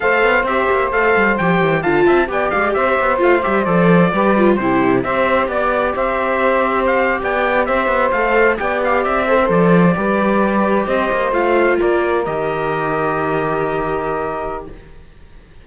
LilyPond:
<<
  \new Staff \with { instrumentName = "trumpet" } { \time 4/4 \tempo 4 = 131 f''4 e''4 f''4 g''4 | a''4 g''8 f''8 e''4 f''8 e''8 | d''2 c''4 e''4 | d''4 e''2 f''8. g''16~ |
g''8. e''4 f''4 g''8 f''8 e''16~ | e''8. d''2. dis''16~ | dis''8. f''4 d''4 dis''4~ dis''16~ | dis''1 | }
  \new Staff \with { instrumentName = "saxophone" } { \time 4/4 c''1 | f''8 e''8 d''4 c''2~ | c''4 b'4 g'4 c''4 | d''4 c''2~ c''8. d''16~ |
d''8. c''2 d''4~ d''16~ | d''16 c''4. b'2 c''16~ | c''4.~ c''16 ais'2~ ais'16~ | ais'1 | }
  \new Staff \with { instrumentName = "viola" } { \time 4/4 a'4 g'4 a'4 g'4 | f'4 g'2 f'8 g'8 | a'4 g'8 f'8 e'4 g'4~ | g'1~ |
g'4.~ g'16 a'4 g'4~ g'16~ | g'16 a'16 ais'16 a'4 g'2~ g'16~ | g'8. f'2 g'4~ g'16~ | g'1 | }
  \new Staff \with { instrumentName = "cello" } { \time 4/4 a8 b8 c'8 ais8 a8 g8 f8 e8 | d8 c'8 b8 gis8 c'8 b8 a8 g8 | f4 g4 c4 c'4 | b4 c'2~ c'8. b16~ |
b8. c'8 b8 a4 b4 c'16~ | c'8. f4 g2 c'16~ | c'16 ais8 a4 ais4 dis4~ dis16~ | dis1 | }
>>